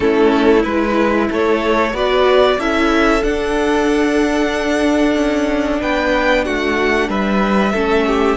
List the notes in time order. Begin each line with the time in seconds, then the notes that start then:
0.00 A3 C#4 E4 A4
0.61 G#3 E4 B4
1.30 A3 A4 C#5
1.92 B3 F#4 B4 D5
2.58 C#4 E4 A4 E5
3.22 D4 F#5
5.14 C#4
5.81 B3 B4 G5
6.44 A3 F#4 F#5
7.08 G3 B4 E5
7.72 A3 C#4 A4
8.07 G4